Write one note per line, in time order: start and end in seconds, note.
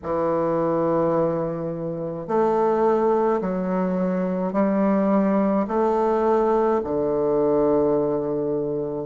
0.03 2.27 E3
2.27 3.41 A3
3.41 4.53 F#3
4.53 5.66 G3
5.67 6.80 A3
6.83 9.06 D3